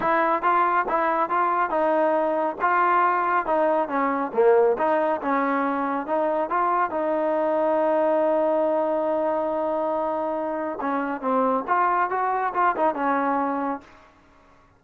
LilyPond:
\new Staff \with { instrumentName = "trombone" } { \time 4/4 \tempo 4 = 139 e'4 f'4 e'4 f'4 | dis'2 f'2 | dis'4 cis'4 ais4 dis'4 | cis'2 dis'4 f'4 |
dis'1~ | dis'1~ | dis'4 cis'4 c'4 f'4 | fis'4 f'8 dis'8 cis'2 | }